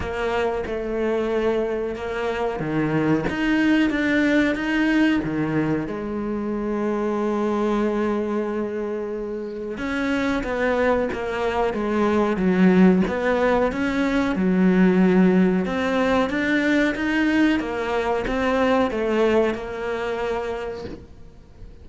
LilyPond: \new Staff \with { instrumentName = "cello" } { \time 4/4 \tempo 4 = 92 ais4 a2 ais4 | dis4 dis'4 d'4 dis'4 | dis4 gis2.~ | gis2. cis'4 |
b4 ais4 gis4 fis4 | b4 cis'4 fis2 | c'4 d'4 dis'4 ais4 | c'4 a4 ais2 | }